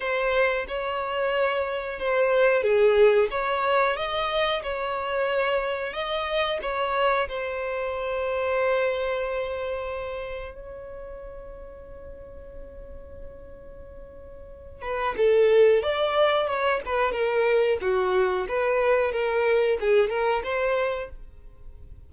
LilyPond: \new Staff \with { instrumentName = "violin" } { \time 4/4 \tempo 4 = 91 c''4 cis''2 c''4 | gis'4 cis''4 dis''4 cis''4~ | cis''4 dis''4 cis''4 c''4~ | c''1 |
cis''1~ | cis''2~ cis''8 b'8 a'4 | d''4 cis''8 b'8 ais'4 fis'4 | b'4 ais'4 gis'8 ais'8 c''4 | }